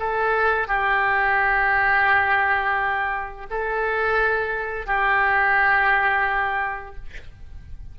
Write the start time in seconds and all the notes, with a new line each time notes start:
0.00 A4
0.68 G4
3.51 A4
4.86 G4